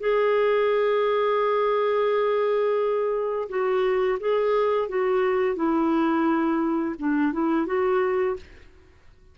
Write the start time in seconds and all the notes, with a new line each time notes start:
0.00 G#4
3.49 F#4
4.20 G#4
4.89 F#4
5.56 E4
6.99 D4
7.33 E4
7.66 F#4